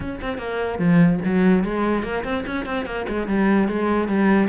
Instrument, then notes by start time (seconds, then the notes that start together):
cello
0.00 C#4
0.21 C4
0.37 A#3
0.78 F3
1.24 F#3
1.63 G#3
2.03 A#3
2.24 C4
2.46 C#4
2.65 C4
2.85 A#3
3.08 G#3
3.27 G3
3.68 G#3
4.08 G3